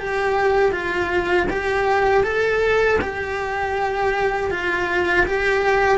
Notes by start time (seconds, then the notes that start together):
0.00 G4
0.72 F4
1.50 G4
2.24 A4
3.01 G4
4.51 F4
5.27 G4